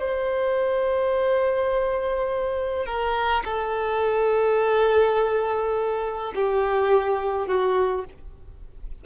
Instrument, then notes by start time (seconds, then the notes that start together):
violin
0.00 C5
2.86 A#4
3.45 A4
6.36 G4
7.47 F#4